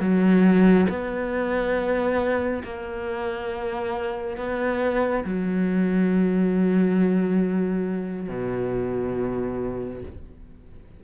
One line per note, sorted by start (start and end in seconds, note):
0.00 0.87 F#3
0.89 2.63 B3
2.64 4.37 A#3
4.37 5.24 B3
5.25 8.28 F#3
8.28 10.02 B2